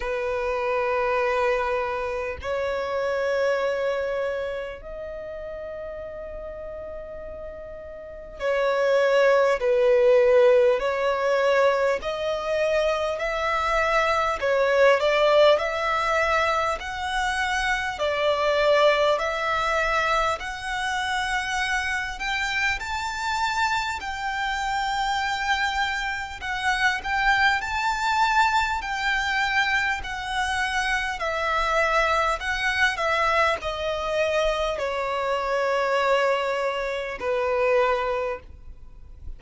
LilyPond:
\new Staff \with { instrumentName = "violin" } { \time 4/4 \tempo 4 = 50 b'2 cis''2 | dis''2. cis''4 | b'4 cis''4 dis''4 e''4 | cis''8 d''8 e''4 fis''4 d''4 |
e''4 fis''4. g''8 a''4 | g''2 fis''8 g''8 a''4 | g''4 fis''4 e''4 fis''8 e''8 | dis''4 cis''2 b'4 | }